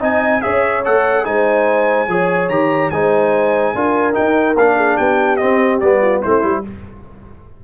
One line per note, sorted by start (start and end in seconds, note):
0.00 0.43 C4
0.00 0.42 D#4
0.00 0.41 D#5
0.00 0.42 G#5
0.42 0.87 C#4
0.42 0.84 G#4
0.42 1.27 C#5
0.42 0.83 E5
0.85 1.28 A3
0.85 1.25 A4
0.85 1.25 F#5
1.25 2.08 G#3
1.25 2.08 D#4
1.25 2.10 C5
1.25 2.49 G#5
2.08 2.50 F3
2.08 2.50 G#4
2.08 2.93 C#5
2.49 2.91 D#3
2.49 2.92 G4
2.49 2.91 A#5
2.91 3.75 G#3
2.91 3.76 D#4
2.91 3.75 C5
2.91 4.15 G#5
3.75 4.16 D4
3.75 4.14 F4
3.75 4.77 A#4
4.14 4.55 D#4
4.14 4.56 D#4
4.14 4.57 G5
4.56 4.97 A#3
4.56 5.40 D4
4.56 4.98 F5
4.77 4.97 G#4
4.97 5.41 B3
4.97 6.00 G4
4.97 5.37 G5
5.37 5.82 C4
5.37 5.78 D#5
5.81 6.24 G3
5.81 6.25 B3
5.81 6.22 D5
6.02 6.22 F4
6.22 6.44 A3
6.22 6.43 C4
6.22 6.64 E4
6.22 6.64 C5
6.43 6.65 G3
6.43 6.63 E4